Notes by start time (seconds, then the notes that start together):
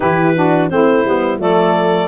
0.00 E3 E4 G4 B4
0.34 D4 F#4
0.69 A3 C4 E4 C5
1.05 G3 B3
1.39 F3 A3 A4 D5